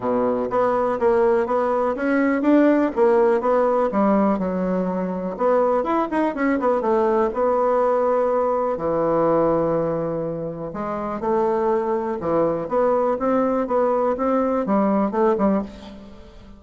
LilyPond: \new Staff \with { instrumentName = "bassoon" } { \time 4/4 \tempo 4 = 123 b,4 b4 ais4 b4 | cis'4 d'4 ais4 b4 | g4 fis2 b4 | e'8 dis'8 cis'8 b8 a4 b4~ |
b2 e2~ | e2 gis4 a4~ | a4 e4 b4 c'4 | b4 c'4 g4 a8 g8 | }